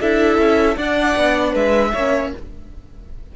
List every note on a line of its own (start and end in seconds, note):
0.00 0.38 D4
0.00 0.77 E4
0.00 0.76 A4
0.00 0.77 E5
0.38 0.76 C#4
0.76 1.15 D4
0.76 1.92 D4
0.76 1.52 D5
0.76 1.54 F#5
1.16 1.54 B3
1.52 1.93 G#3
1.52 1.90 B4
1.52 2.32 E5
1.93 2.32 A#3
1.93 2.36 C#4
1.93 2.32 C#5